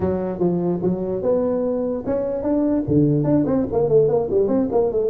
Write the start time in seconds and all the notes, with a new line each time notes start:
0.00 F#3
0.39 F3
0.82 F#3
1.22 B3
2.06 C#4
2.42 D4
2.87 D3
3.24 D4
3.45 C4
3.72 A#3
3.88 A3
4.08 A#3
4.30 G3
4.48 C4
4.71 A#3
4.91 A3